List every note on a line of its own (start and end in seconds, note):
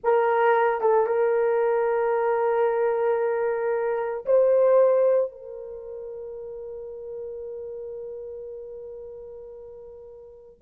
0.03 0.81 A#4
0.81 1.06 A4
1.06 4.25 A#4
4.25 5.31 C5
5.31 10.61 A#4